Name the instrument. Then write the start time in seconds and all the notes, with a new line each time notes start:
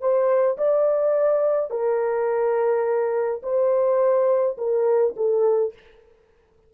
horn
0.00 C5
0.57 D5
1.70 A#4
3.42 C5
4.57 A#4
5.16 A4